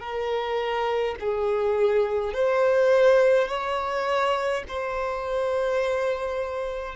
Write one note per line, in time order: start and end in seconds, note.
0.00 1.15 A#4
1.20 2.33 G#4
2.33 3.48 C5
3.48 4.64 C#5
4.68 6.95 C5